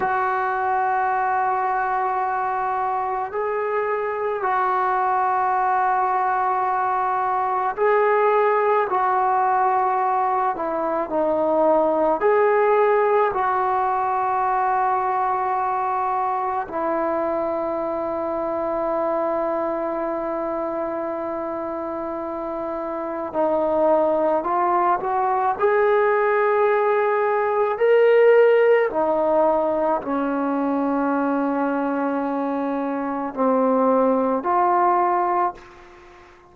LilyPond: \new Staff \with { instrumentName = "trombone" } { \time 4/4 \tempo 4 = 54 fis'2. gis'4 | fis'2. gis'4 | fis'4. e'8 dis'4 gis'4 | fis'2. e'4~ |
e'1~ | e'4 dis'4 f'8 fis'8 gis'4~ | gis'4 ais'4 dis'4 cis'4~ | cis'2 c'4 f'4 | }